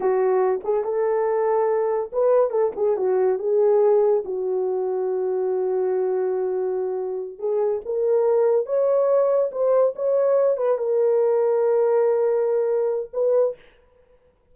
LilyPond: \new Staff \with { instrumentName = "horn" } { \time 4/4 \tempo 4 = 142 fis'4. gis'8 a'2~ | a'4 b'4 a'8 gis'8 fis'4 | gis'2 fis'2~ | fis'1~ |
fis'4. gis'4 ais'4.~ | ais'8 cis''2 c''4 cis''8~ | cis''4 b'8 ais'2~ ais'8~ | ais'2. b'4 | }